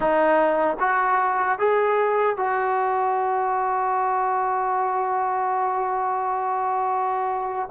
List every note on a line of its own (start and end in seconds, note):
0.00 0.77 D#4
0.79 1.58 F#4
1.59 2.36 G#4
2.36 7.69 F#4